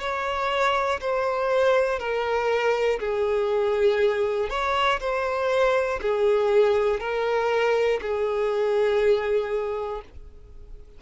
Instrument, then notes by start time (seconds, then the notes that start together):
violin
0.00 C#5
1.00 C5
2.00 A#4
3.00 G#4
4.50 C#5
5.00 C5
6.02 G#4
7.00 A#4
8.02 G#4